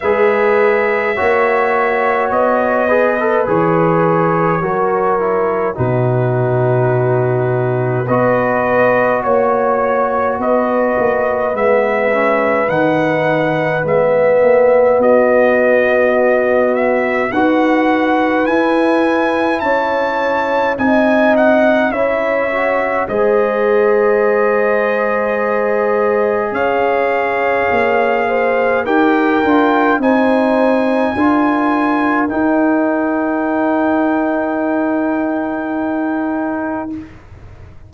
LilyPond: <<
  \new Staff \with { instrumentName = "trumpet" } { \time 4/4 \tempo 4 = 52 e''2 dis''4 cis''4~ | cis''4 b'2 dis''4 | cis''4 dis''4 e''4 fis''4 | e''4 dis''4. e''8 fis''4 |
gis''4 a''4 gis''8 fis''8 e''4 | dis''2. f''4~ | f''4 g''4 gis''2 | g''1 | }
  \new Staff \with { instrumentName = "horn" } { \time 4/4 b'4 cis''4. b'4. | ais'4 fis'2 b'4 | cis''4 b'2.~ | b'4 fis'2 b'4~ |
b'4 cis''4 dis''4 cis''4 | c''2. cis''4~ | cis''8 c''8 ais'4 c''4 ais'4~ | ais'1 | }
  \new Staff \with { instrumentName = "trombone" } { \time 4/4 gis'4 fis'4. gis'16 a'16 gis'4 | fis'8 e'8 dis'2 fis'4~ | fis'2 b8 cis'8 dis'4 | b2. fis'4 |
e'2 dis'4 e'8 fis'8 | gis'1~ | gis'4 g'8 f'8 dis'4 f'4 | dis'1 | }
  \new Staff \with { instrumentName = "tuba" } { \time 4/4 gis4 ais4 b4 e4 | fis4 b,2 b4 | ais4 b8 ais8 gis4 dis4 | gis8 ais8 b2 dis'4 |
e'4 cis'4 c'4 cis'4 | gis2. cis'4 | ais4 dis'8 d'8 c'4 d'4 | dis'1 | }
>>